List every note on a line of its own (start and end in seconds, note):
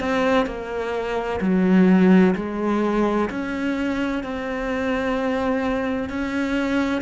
0.00 0.46 C4
0.46 1.40 A#3
1.41 2.34 F#3
2.36 3.29 G#3
3.30 4.24 C#4
4.24 6.09 C4
6.09 7.01 C#4